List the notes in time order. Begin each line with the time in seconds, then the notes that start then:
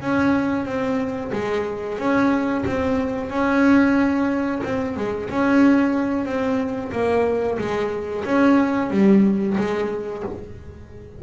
0.00 C#4
0.65 C4
1.32 G#3
1.98 C#4
2.66 C4
3.30 C#4
4.63 C4
4.96 G#3
5.29 C#4
6.25 C4
6.92 A#3
7.58 G#3
8.24 C#4
8.90 G3
9.57 G#3